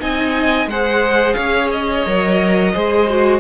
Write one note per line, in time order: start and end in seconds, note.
0.00 0.67 C4
0.00 0.68 D#4
0.00 0.70 D#5
0.00 0.69 G#5
0.67 1.35 G#3
0.67 2.06 G#4
0.67 1.36 C5
0.67 1.34 F#5
1.34 2.06 C#4
1.34 2.73 C#5
1.34 1.68 F5
1.72 3.41 D#5
2.06 2.75 F#3
2.06 2.75 A#4
2.74 3.41 G#3
2.74 3.09 G#4
2.74 3.41 C5
3.10 3.41 F#4